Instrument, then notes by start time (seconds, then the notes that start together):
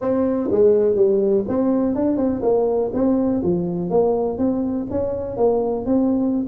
tuba
0.01 C4
0.51 G#3
0.95 G3
1.47 C4
1.95 D4
2.16 C4
2.42 A#3
2.93 C4
3.42 F3
3.90 A#3
4.37 C4
4.90 C#4
5.36 A#3
5.85 C4